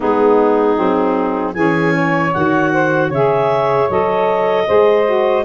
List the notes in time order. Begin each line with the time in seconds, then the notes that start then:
0.00 G#3 B3 D#4 G#4
0.76 F#3 C4
1.54 E3 C#4 G#4 G#5
1.93 C#5
2.33 D#3 F#4 F#5
2.72 C5
3.08 C#3 G#4 C#5 E5
3.89 F#3 A4 D#5
4.66 G#3 G#4 C5
5.05 F#4